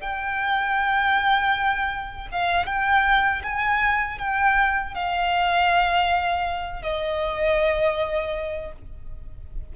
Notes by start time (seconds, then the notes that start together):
0.00 G5
2.31 F5
2.65 G5
3.43 G#5
4.18 G5
4.94 F5
6.82 D#5